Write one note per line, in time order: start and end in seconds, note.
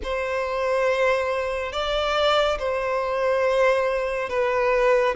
0.03 1.72 C5
1.72 2.58 D5
2.58 4.29 C5
4.29 5.15 B4